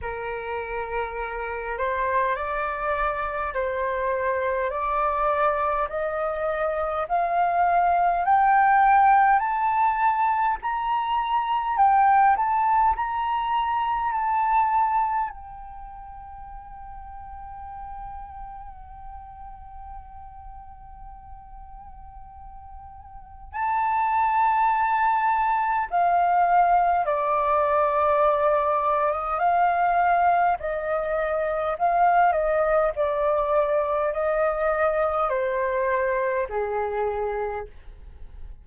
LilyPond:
\new Staff \with { instrumentName = "flute" } { \time 4/4 \tempo 4 = 51 ais'4. c''8 d''4 c''4 | d''4 dis''4 f''4 g''4 | a''4 ais''4 g''8 a''8 ais''4 | a''4 g''2.~ |
g''1 | a''2 f''4 d''4~ | d''8. dis''16 f''4 dis''4 f''8 dis''8 | d''4 dis''4 c''4 gis'4 | }